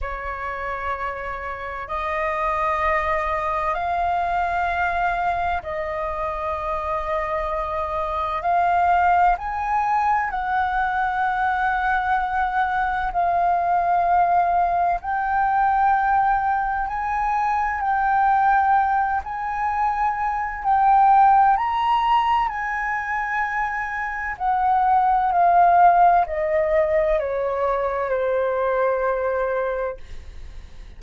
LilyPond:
\new Staff \with { instrumentName = "flute" } { \time 4/4 \tempo 4 = 64 cis''2 dis''2 | f''2 dis''2~ | dis''4 f''4 gis''4 fis''4~ | fis''2 f''2 |
g''2 gis''4 g''4~ | g''8 gis''4. g''4 ais''4 | gis''2 fis''4 f''4 | dis''4 cis''4 c''2 | }